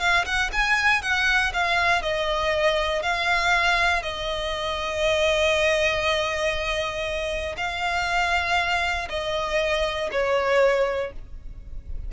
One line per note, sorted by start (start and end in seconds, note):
0.00 0.25 F5
0.26 0.51 F#5
0.53 1.02 G#5
1.02 1.53 F#5
1.54 2.03 F5
2.03 3.03 D#5
3.03 4.03 F5
4.03 7.56 D#5
7.58 9.09 F5
9.10 10.10 D#5
10.12 11.13 C#5